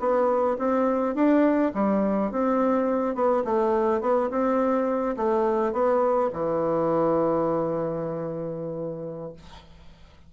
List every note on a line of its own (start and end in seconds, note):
0.00 0.57 B3
0.59 1.15 C4
1.15 1.72 D4
1.74 2.31 G3
2.31 3.15 C4
3.15 3.44 B3
3.45 4.01 A3
4.01 4.30 B3
4.30 5.16 C4
5.17 5.73 A3
5.73 6.30 B3
6.33 9.33 E3